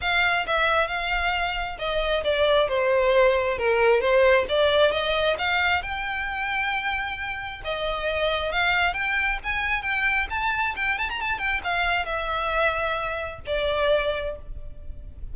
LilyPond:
\new Staff \with { instrumentName = "violin" } { \time 4/4 \tempo 4 = 134 f''4 e''4 f''2 | dis''4 d''4 c''2 | ais'4 c''4 d''4 dis''4 | f''4 g''2.~ |
g''4 dis''2 f''4 | g''4 gis''4 g''4 a''4 | g''8 a''16 ais''16 a''8 g''8 f''4 e''4~ | e''2 d''2 | }